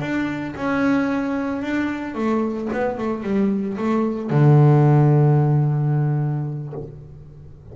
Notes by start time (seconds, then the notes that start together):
0.00 D4
0.56 C#4
1.61 D4
2.14 A3
2.72 B3
2.97 A3
3.23 G3
3.77 A3
4.30 D3